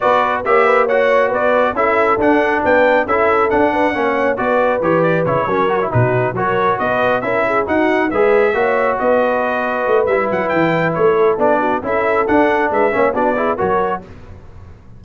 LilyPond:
<<
  \new Staff \with { instrumentName = "trumpet" } { \time 4/4 \tempo 4 = 137 d''4 e''4 fis''4 d''4 | e''4 fis''4 g''4 e''4 | fis''2 d''4 cis''8 d''8 | cis''4. b'4 cis''4 dis''8~ |
dis''8 e''4 fis''4 e''4.~ | e''8 dis''2~ dis''8 e''8 fis''8 | g''4 cis''4 d''4 e''4 | fis''4 e''4 d''4 cis''4 | }
  \new Staff \with { instrumentName = "horn" } { \time 4/4 b'4 cis''8 b'8 cis''4 b'4 | a'2 b'4 a'4~ | a'8 b'8 cis''4 b'2~ | b'8 ais'4 fis'4 ais'4 b'8~ |
b'8 ais'8 gis'8 fis'4 b'4 cis''8~ | cis''8 b'2.~ b'8~ | b'4. a'4 fis'8 a'4~ | a'4 b'8 cis''8 fis'8 gis'8 ais'4 | }
  \new Staff \with { instrumentName = "trombone" } { \time 4/4 fis'4 g'4 fis'2 | e'4 d'2 e'4 | d'4 cis'4 fis'4 g'4 | e'8 cis'8 fis'16 e'16 dis'4 fis'4.~ |
fis'8 e'4 dis'4 gis'4 fis'8~ | fis'2. e'4~ | e'2 d'4 e'4 | d'4. cis'8 d'8 e'8 fis'4 | }
  \new Staff \with { instrumentName = "tuba" } { \time 4/4 b4 ais2 b4 | cis'4 d'4 b4 cis'4 | d'4 ais4 b4 e4 | cis8 fis4 b,4 fis4 b8~ |
b8 cis'4 dis'4 gis4 ais8~ | ais8 b2 a8 g8 fis8 | e4 a4 b4 cis'4 | d'4 gis8 ais8 b4 fis4 | }
>>